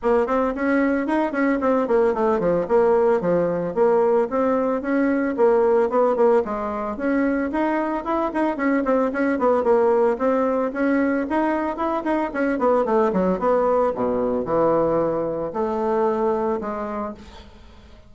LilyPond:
\new Staff \with { instrumentName = "bassoon" } { \time 4/4 \tempo 4 = 112 ais8 c'8 cis'4 dis'8 cis'8 c'8 ais8 | a8 f8 ais4 f4 ais4 | c'4 cis'4 ais4 b8 ais8 | gis4 cis'4 dis'4 e'8 dis'8 |
cis'8 c'8 cis'8 b8 ais4 c'4 | cis'4 dis'4 e'8 dis'8 cis'8 b8 | a8 fis8 b4 b,4 e4~ | e4 a2 gis4 | }